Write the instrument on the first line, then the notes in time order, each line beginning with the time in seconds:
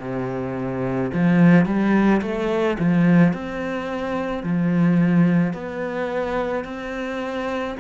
cello
0.00 C3
1.14 F3
1.66 G3
2.22 A3
2.80 F3
3.33 C4
4.44 F3
5.54 B3
6.65 C4